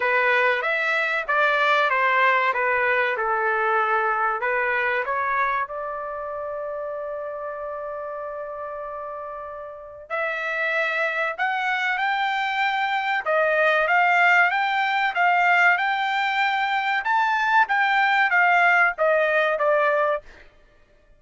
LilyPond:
\new Staff \with { instrumentName = "trumpet" } { \time 4/4 \tempo 4 = 95 b'4 e''4 d''4 c''4 | b'4 a'2 b'4 | cis''4 d''2.~ | d''1 |
e''2 fis''4 g''4~ | g''4 dis''4 f''4 g''4 | f''4 g''2 a''4 | g''4 f''4 dis''4 d''4 | }